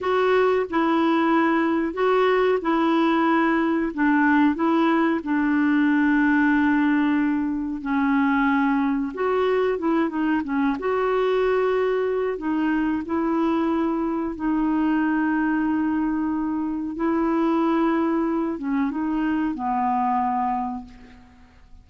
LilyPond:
\new Staff \with { instrumentName = "clarinet" } { \time 4/4 \tempo 4 = 92 fis'4 e'2 fis'4 | e'2 d'4 e'4 | d'1 | cis'2 fis'4 e'8 dis'8 |
cis'8 fis'2~ fis'8 dis'4 | e'2 dis'2~ | dis'2 e'2~ | e'8 cis'8 dis'4 b2 | }